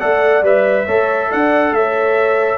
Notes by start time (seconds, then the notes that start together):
0.00 A3 A4 D5 F#5
0.42 G3 B4 E5
0.86 A3 A4 C#5
1.29 D4 D5 F#5
1.71 A3 C#5 E5